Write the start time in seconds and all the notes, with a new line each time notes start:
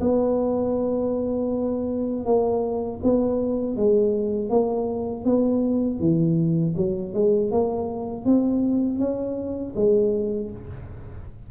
0.00 B3
2.25 A#3
3.03 B3
3.76 G#3
4.49 A#3
5.25 B3
5.99 E3
6.76 F#3
7.13 G#3
7.51 A#3
8.25 C4
8.99 C#4
9.75 G#3